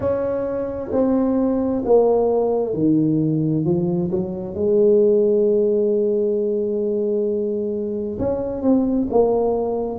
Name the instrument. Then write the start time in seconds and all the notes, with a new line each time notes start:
tuba
0.00 C#4
0.91 C4
1.84 A#3
2.73 D#3
3.64 F3
4.10 F#3
4.54 G#3
8.18 C#4
8.62 C4
9.10 A#3